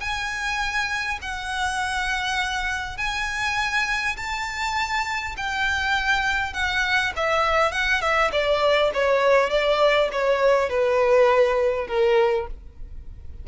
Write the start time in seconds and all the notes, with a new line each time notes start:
0.00 G#5
1.22 F#5
2.98 G#5
4.17 A5
5.37 G5
6.53 F#5
7.16 E5
7.72 F#5
8.01 E5
8.32 D5
8.94 C#5
9.50 D5
10.12 C#5
10.69 B4
11.87 A#4